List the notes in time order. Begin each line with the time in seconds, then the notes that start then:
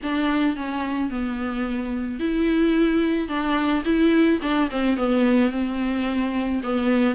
0.03 D4
0.56 C#4
1.10 B3
2.19 E4
3.28 D4
3.84 E4
4.42 D4
4.70 C4
4.96 B3
5.50 C4
6.63 B3